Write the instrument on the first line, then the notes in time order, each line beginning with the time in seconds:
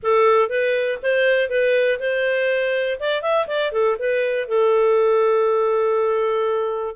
clarinet
0.02 A4
0.49 B4
1.02 C5
1.49 B4
1.99 C5
2.99 D5
3.22 E5
3.47 D5
3.72 A4
3.98 B4
4.47 A4